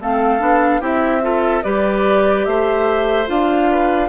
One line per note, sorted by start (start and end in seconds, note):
0.00 0.40 A3
0.00 0.39 C4
0.00 0.81 A4
0.00 0.84 F5
0.39 0.80 B3
0.39 0.80 D4
0.80 1.63 C4
0.80 1.21 E4
0.80 1.22 G4
0.80 1.63 E5
1.21 1.62 F4
1.21 1.64 A4
1.63 2.46 G3
1.63 3.26 G4
1.63 2.46 B4
1.63 2.45 D5
2.45 3.28 A3
2.45 3.71 C5
2.45 3.27 E5
3.26 4.09 D4
3.26 4.09 F4
3.26 4.09 F5
3.71 4.09 B4